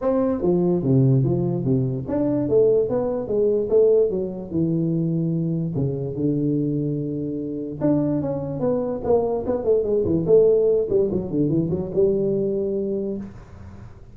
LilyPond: \new Staff \with { instrumentName = "tuba" } { \time 4/4 \tempo 4 = 146 c'4 f4 c4 f4 | c4 d'4 a4 b4 | gis4 a4 fis4 e4~ | e2 cis4 d4~ |
d2. d'4 | cis'4 b4 ais4 b8 a8 | gis8 e8 a4. g8 fis8 d8 | e8 fis8 g2. | }